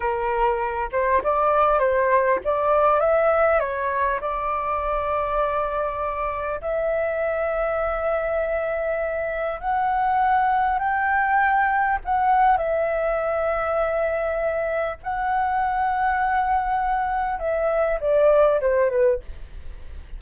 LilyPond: \new Staff \with { instrumentName = "flute" } { \time 4/4 \tempo 4 = 100 ais'4. c''8 d''4 c''4 | d''4 e''4 cis''4 d''4~ | d''2. e''4~ | e''1 |
fis''2 g''2 | fis''4 e''2.~ | e''4 fis''2.~ | fis''4 e''4 d''4 c''8 b'8 | }